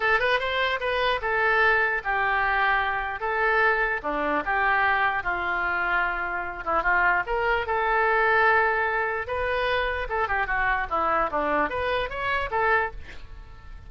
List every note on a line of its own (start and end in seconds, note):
0.00 0.19 A4
0.19 0.39 B4
0.39 0.79 C5
0.80 1.20 B4
1.21 2.02 A4
2.04 3.20 G4
3.20 4.00 A4
4.02 4.43 D4
4.45 5.23 G4
5.23 6.64 F4
6.65 6.82 E4
6.82 7.23 F4
7.26 7.66 A#4
7.66 9.27 A4
9.27 10.07 B4
10.09 10.28 A4
10.28 10.46 G4
10.46 10.87 F#4
10.89 11.30 E4
11.30 11.69 D4
11.69 12.09 B4
12.09 12.49 C#5
12.50 12.91 A4